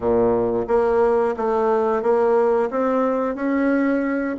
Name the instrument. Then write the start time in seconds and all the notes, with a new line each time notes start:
bassoon
0.00 A#2
0.67 A#3
1.36 A3
2.02 A#3
2.70 C4
3.35 C#4